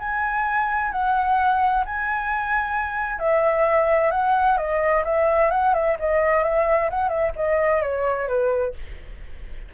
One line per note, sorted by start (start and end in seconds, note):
0.00 0.92 G#5
0.93 1.85 F#5
1.86 3.20 G#5
3.20 4.12 E5
4.12 4.58 F#5
4.58 5.04 D#5
5.05 5.51 E5
5.51 5.74 F#5
5.74 5.97 E5
6.00 6.44 D#5
6.44 6.90 E5
6.91 7.09 F#5
7.09 7.32 E5
7.36 7.82 D#5
7.82 8.28 C#5
8.28 8.74 B4